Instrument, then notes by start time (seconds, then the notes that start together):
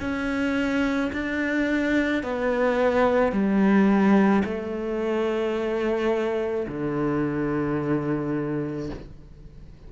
cello
0.00 C#4
1.13 D4
2.23 B3
3.32 G3
4.44 A3
6.68 D3